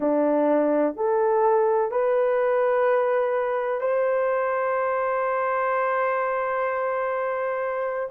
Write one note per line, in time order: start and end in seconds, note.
0.00 0.95 D4
0.95 1.90 A4
1.91 3.81 B4
3.81 8.09 C5